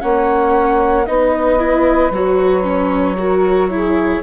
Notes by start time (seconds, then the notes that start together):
0.00 A#3 C#4 C#5 F#5
1.06 B3 D#4 B4 D#5
1.59 E4
2.11 F#3 F#4 C#5
2.63 C#4
3.18 F#4 A#4
3.70 E4 G#4